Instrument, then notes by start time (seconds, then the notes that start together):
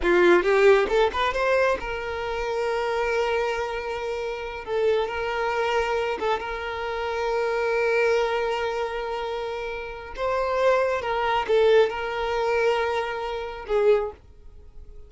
violin
0.02 F4
0.42 G4
0.88 A4
1.12 B4
1.33 C5
1.79 A#4
4.64 A4
5.08 A#4
6.19 A4
6.39 A#4
10.16 C5
11.01 A#4
11.47 A4
11.89 A#4
13.67 G#4